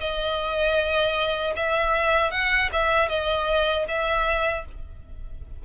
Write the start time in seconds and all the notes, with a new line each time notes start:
0.00 D#5
1.56 E5
2.31 F#5
2.72 E5
3.09 D#5
3.88 E5